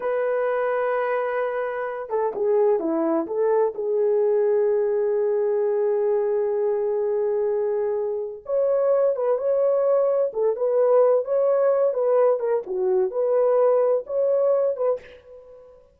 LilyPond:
\new Staff \with { instrumentName = "horn" } { \time 4/4 \tempo 4 = 128 b'1~ | b'8 a'8 gis'4 e'4 a'4 | gis'1~ | gis'1~ |
gis'2 cis''4. b'8 | cis''2 a'8 b'4. | cis''4. b'4 ais'8 fis'4 | b'2 cis''4. b'8 | }